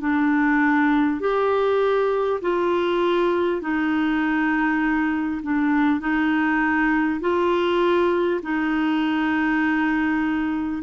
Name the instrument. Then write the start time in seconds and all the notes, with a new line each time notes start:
clarinet
0.00 D4
1.20 G4
2.41 F4
3.61 D#4
5.42 D4
6.00 D#4
7.21 F4
8.42 D#4